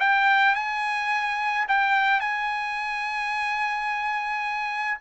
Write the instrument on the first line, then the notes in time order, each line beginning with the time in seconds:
trumpet
0.00 G5
0.55 G#5
1.68 G5
2.20 G#5